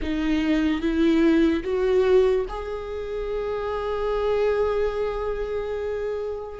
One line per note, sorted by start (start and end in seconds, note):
0.02 0.81 D#4
0.81 1.63 E4
1.63 2.45 F#4
2.48 6.59 G#4